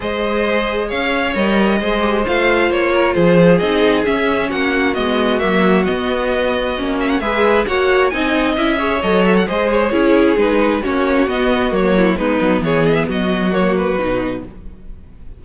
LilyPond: <<
  \new Staff \with { instrumentName = "violin" } { \time 4/4 \tempo 4 = 133 dis''2 f''4 dis''4~ | dis''4 f''4 cis''4 c''4 | dis''4 e''4 fis''4 dis''4 | e''4 dis''2~ dis''8 e''16 fis''16 |
e''4 fis''4 gis''4 e''4 | dis''8 e''16 fis''16 dis''8 cis''4. b'4 | cis''4 dis''4 cis''4 b'4 | cis''8 dis''16 e''16 dis''4 cis''8 b'4. | }
  \new Staff \with { instrumentName = "violin" } { \time 4/4 c''2 cis''2 | c''2~ c''8 ais'8 gis'4~ | gis'2 fis'2~ | fis'1 |
b'4 cis''4 dis''4. cis''8~ | cis''4 c''4 gis'2 | fis'2~ fis'8 e'8 dis'4 | gis'4 fis'2. | }
  \new Staff \with { instrumentName = "viola" } { \time 4/4 gis'2. ais'4 | gis'8 g'8 f'2. | dis'4 cis'2 b4 | ais4 b2 cis'4 |
gis'4 fis'4 dis'4 e'8 gis'8 | a'4 gis'4 e'4 dis'4 | cis'4 b4 ais4 b4~ | b2 ais4 dis'4 | }
  \new Staff \with { instrumentName = "cello" } { \time 4/4 gis2 cis'4 g4 | gis4 a4 ais4 f4 | c'4 cis'4 ais4 gis4 | fis4 b2 ais4 |
gis4 ais4 c'4 cis'4 | fis4 gis4 cis'4 gis4 | ais4 b4 fis4 gis8 fis8 | e4 fis2 b,4 | }
>>